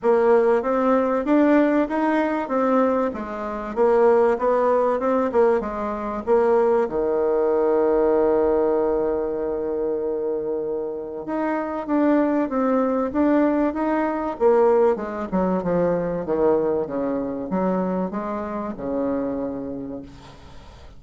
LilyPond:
\new Staff \with { instrumentName = "bassoon" } { \time 4/4 \tempo 4 = 96 ais4 c'4 d'4 dis'4 | c'4 gis4 ais4 b4 | c'8 ais8 gis4 ais4 dis4~ | dis1~ |
dis2 dis'4 d'4 | c'4 d'4 dis'4 ais4 | gis8 fis8 f4 dis4 cis4 | fis4 gis4 cis2 | }